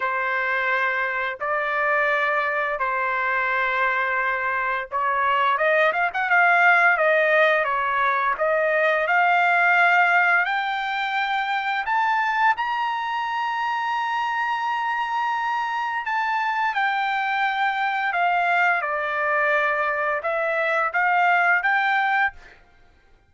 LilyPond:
\new Staff \with { instrumentName = "trumpet" } { \time 4/4 \tempo 4 = 86 c''2 d''2 | c''2. cis''4 | dis''8 f''16 fis''16 f''4 dis''4 cis''4 | dis''4 f''2 g''4~ |
g''4 a''4 ais''2~ | ais''2. a''4 | g''2 f''4 d''4~ | d''4 e''4 f''4 g''4 | }